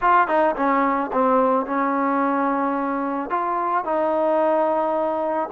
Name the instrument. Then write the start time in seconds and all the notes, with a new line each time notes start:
trombone
0.01 F4
0.27 D#4
0.56 C#4
1.12 C4
1.65 C#4
3.30 F4
3.84 D#4